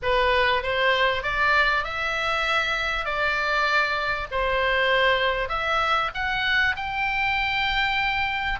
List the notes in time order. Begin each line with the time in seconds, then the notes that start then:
0.02 B4
0.63 C5
1.22 D5
1.83 E5
3.05 D5
4.31 C5
5.49 E5
6.14 F#5
6.76 G5